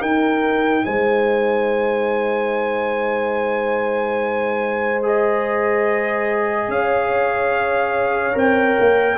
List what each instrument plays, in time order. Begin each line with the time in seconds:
0.00 tuba D#4, trombone D#4, horn A#4, trumpet G5
0.85 tuba G#3, horn C5, trumpet G#5
5.02 trombone G#4, trumpet D#5
6.68 tuba C#4, horn C#5, trumpet F5
8.33 tuba C4, trombone A#4, trumpet G5
8.79 tuba A#3